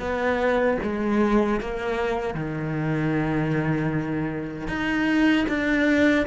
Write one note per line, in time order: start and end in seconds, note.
0.00 0.78 B3
0.83 1.61 G#3
1.61 2.35 A#3
2.35 4.68 D#3
4.68 5.46 D#4
5.49 6.27 D4